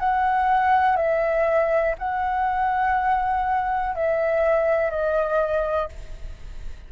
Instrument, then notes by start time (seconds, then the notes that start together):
flute
0.00 F#5
0.97 E5
1.99 F#5
3.95 E5
4.91 D#5